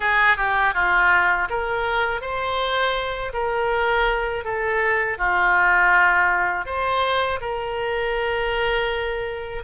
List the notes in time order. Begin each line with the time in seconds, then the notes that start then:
0.00 G#4
0.36 G4
0.74 F4
1.49 A#4
2.21 C5
3.33 A#4
4.44 A4
5.18 F4
6.65 C5
7.41 A#4